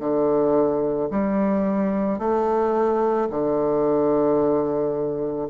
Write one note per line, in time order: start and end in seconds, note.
0.00 1.09 D3
1.11 2.19 G3
2.19 3.28 A3
3.30 5.48 D3